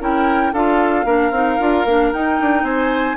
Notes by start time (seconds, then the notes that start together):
0.00 C#4 E4 A#4 G5
0.53 D4 F4 A4 F5
1.05 A#3 D4 A#4
1.31 C4 D#4
1.60 D4 F4
1.85 A#3 D4
2.13 D#4 G5
2.41 D4
2.63 C4 C5 G#5